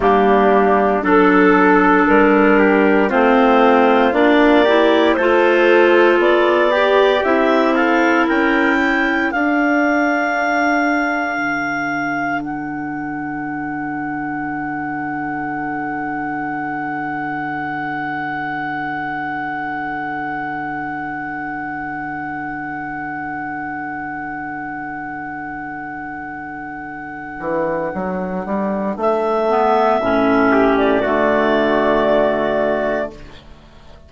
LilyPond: <<
  \new Staff \with { instrumentName = "clarinet" } { \time 4/4 \tempo 4 = 58 g'4 a'4 ais'4 c''4 | d''4 c''4 d''4 e''8 f''8 | g''4 f''2. | fis''1~ |
fis''1~ | fis''1~ | fis''1 | e''4.~ e''16 d''2~ d''16 | }
  \new Staff \with { instrumentName = "trumpet" } { \time 4/4 d'4 a'4. g'8 f'4~ | f'8 g'8 a'4. g'4 a'8 | ais'8 a'2.~ a'8~ | a'1~ |
a'1~ | a'1~ | a'1~ | a'4. g'8 fis'2 | }
  \new Staff \with { instrumentName = "clarinet" } { \time 4/4 ais4 d'2 c'4 | d'8 e'8 f'4. g'8 e'4~ | e'4 d'2.~ | d'1~ |
d'1~ | d'1~ | d'1~ | d'8 b8 cis'4 a2 | }
  \new Staff \with { instrumentName = "bassoon" } { \time 4/4 g4 fis4 g4 a4 | ais4 a4 b4 c'4 | cis'4 d'2 d4~ | d1~ |
d1~ | d1~ | d2~ d8 e8 fis8 g8 | a4 a,4 d2 | }
>>